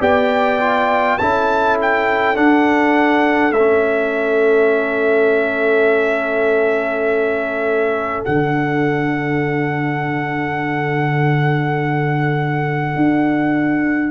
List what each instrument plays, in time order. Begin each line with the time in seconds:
0.00 tuba B3, trombone G4, horn D5, trumpet G5
0.60 trombone F4
1.18 tuba C#4, trombone E4, horn A4, trumpet A5
1.82 trumpet G5
2.35 trombone D4, tuba D4, trumpet F#5
3.52 tuba A3, trombone C#4, trumpet E5
8.25 tuba D3, trombone D4, trumpet F#5
12.96 tuba D4